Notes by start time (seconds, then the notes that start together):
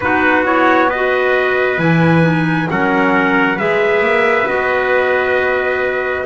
0.00 B3 D#4 F#4 B4
0.44 E4 C#5
0.89 F#4 B4 D#5
1.78 E3 E4 G#5
2.21 D#4
2.69 F#3 C#4 A#4 F#5
3.56 G#3 G#4 B4 E5
4.01 A#3
4.46 B3 F#4 D#5